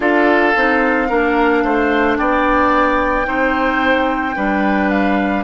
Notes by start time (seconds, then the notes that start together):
0.00 D4 F4 A4 F5
0.55 C4 D#4
1.08 A#3 D4 A#4
1.64 A3 C5
2.16 B3 D5 G5
3.25 C4 D#4 C5
4.36 G3 D4 B4
4.89 F5